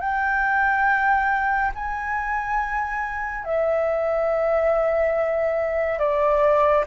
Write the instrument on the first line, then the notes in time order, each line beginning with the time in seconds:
flute
0.00 G5
1.75 G#5
3.44 E5
5.98 D5